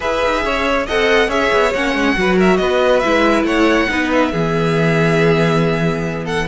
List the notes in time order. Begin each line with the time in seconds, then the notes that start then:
0.00 E4 G#4 B4 E5
0.24 D#4
0.44 C#4 C#5
0.86 C4 A4 D#5 F#5
1.28 C#4 G#4 C#5 E5
1.52 B3
1.73 A#3 C#4 F#5
1.94 G#3
2.16 F#3 F#4 B4
2.36 A#4 E5
2.56 B3 B4 D#5
2.99 G#3 E4 E5
3.43 A3 C#5 F#5
3.88 B3 D#4 B4
4.12 E5
4.31 E3 B3 G#4
6.24 A4 F#5